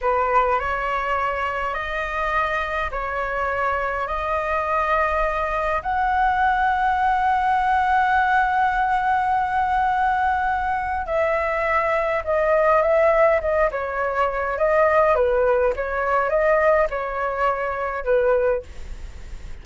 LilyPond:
\new Staff \with { instrumentName = "flute" } { \time 4/4 \tempo 4 = 103 b'4 cis''2 dis''4~ | dis''4 cis''2 dis''4~ | dis''2 fis''2~ | fis''1~ |
fis''2. e''4~ | e''4 dis''4 e''4 dis''8 cis''8~ | cis''4 dis''4 b'4 cis''4 | dis''4 cis''2 b'4 | }